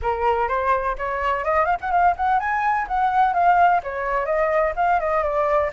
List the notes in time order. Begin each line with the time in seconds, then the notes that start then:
0.02 A#4
0.48 C5
0.98 C#5
1.44 D#5
1.65 F5
1.81 F#5
1.91 F5
2.16 F#5
2.39 G#5
2.87 F#5
3.33 F5
3.83 C#5
4.25 D#5
4.76 F5
4.99 D#5
5.23 D5